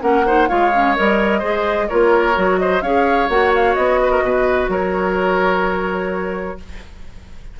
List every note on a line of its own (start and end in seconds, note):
0.00 0.49 A#3
0.00 0.23 C#4
0.00 0.25 A#4
0.00 0.48 F#5
0.25 0.48 D#4
0.25 0.48 C5
0.48 0.98 G#3
0.48 0.71 F4
0.48 1.39 C#5
0.48 0.95 F5
0.73 0.96 C#4
0.96 1.42 G3
0.96 1.42 A#4
0.96 1.88 D#5
1.39 1.89 G#3
1.39 1.89 G#4
1.39 1.85 C5
1.88 2.37 A#3
1.88 2.33 F4
1.88 2.59 A#4
1.88 2.58 C#5
2.33 2.81 F#3
2.33 2.80 F#4
2.58 2.82 C5
2.58 2.81 D#5
2.81 3.28 C#4
2.81 3.29 G#4
2.81 4.00 C#5
2.81 3.28 F5
3.29 3.76 A#3
3.29 6.58 F#4
3.29 3.52 F#5
3.54 3.74 F5
3.74 4.22 B3
3.74 4.68 D#5
4.02 4.11 B4
4.11 4.22 A#4
4.22 4.68 B2
4.22 4.70 B4
4.68 6.56 F#3
4.68 6.58 A#4
4.68 6.59 C#5